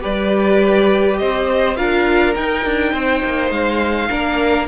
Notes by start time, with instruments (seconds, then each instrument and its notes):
0.00 cello G3, viola G4, violin B4 D5
1.18 cello C4, violin C5 D#5
1.76 cello D4, viola F4, violin A#4 F5
2.35 viola D#4, cello D#4, violin G5
2.65 cello D4
2.92 cello C4, violin C5
3.24 cello A#3
3.50 cello G#3, violin F5
4.09 cello A#3, viola D4, violin A#4